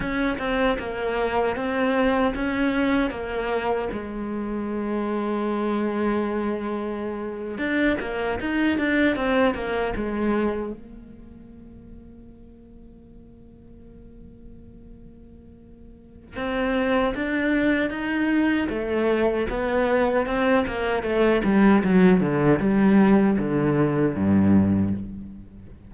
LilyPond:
\new Staff \with { instrumentName = "cello" } { \time 4/4 \tempo 4 = 77 cis'8 c'8 ais4 c'4 cis'4 | ais4 gis2.~ | gis4.~ gis16 d'8 ais8 dis'8 d'8 c'16~ | c'16 ais8 gis4 ais2~ ais16~ |
ais1~ | ais4 c'4 d'4 dis'4 | a4 b4 c'8 ais8 a8 g8 | fis8 d8 g4 d4 g,4 | }